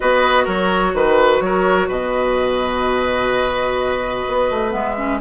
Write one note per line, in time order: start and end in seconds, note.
0.00 0.46 B3
0.00 4.70 F#4
0.00 0.44 B4
0.00 0.46 D#5
0.44 0.94 F#3
0.44 0.91 A#4
0.44 0.94 C#5
0.94 1.40 D#3
0.94 1.41 B4
0.94 1.43 B4
1.40 1.87 F#3
1.40 1.88 A#4
1.40 1.88 C#5
1.88 4.25 B2
1.88 5.19 B4
1.88 4.72 D#5
4.27 4.50 B3
4.50 4.73 A3
4.70 5.20 G#3
4.70 4.94 B3
4.70 5.19 E5
4.97 5.20 C#4